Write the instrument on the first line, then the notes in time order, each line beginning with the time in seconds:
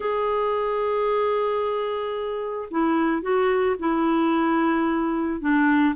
clarinet
0.00 G#4
2.71 E4
3.22 F#4
3.79 E4
5.40 D4